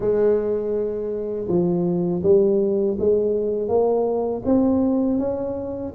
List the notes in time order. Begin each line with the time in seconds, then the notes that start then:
0.00 G#3
1.48 F3
2.23 G3
2.99 G#3
3.68 A#3
4.45 C4
5.18 C#4